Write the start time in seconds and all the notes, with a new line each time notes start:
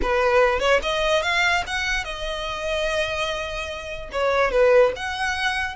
0.02 B4
0.59 C#5
0.82 D#5
1.22 F5
1.66 F#5
2.04 D#5
4.12 C#5
4.51 B4
4.96 F#5